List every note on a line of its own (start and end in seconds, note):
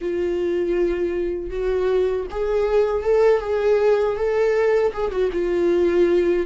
0.01 1.50 F4
1.50 2.26 F#4
2.30 3.03 G#4
3.03 3.40 A4
3.40 4.16 G#4
4.16 4.92 A4
4.93 5.11 G#4
5.11 5.30 F#4
5.32 6.46 F4